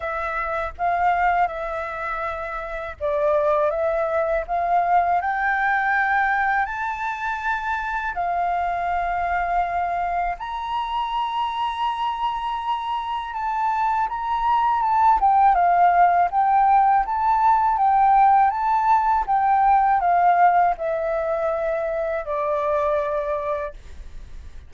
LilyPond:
\new Staff \with { instrumentName = "flute" } { \time 4/4 \tempo 4 = 81 e''4 f''4 e''2 | d''4 e''4 f''4 g''4~ | g''4 a''2 f''4~ | f''2 ais''2~ |
ais''2 a''4 ais''4 | a''8 g''8 f''4 g''4 a''4 | g''4 a''4 g''4 f''4 | e''2 d''2 | }